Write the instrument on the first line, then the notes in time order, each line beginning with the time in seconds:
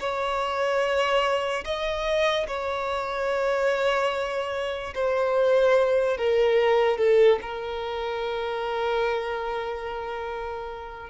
violin
0.00 C#5
1.64 D#5
2.47 C#5
4.95 C5
6.17 A#4
6.98 A4
7.42 A#4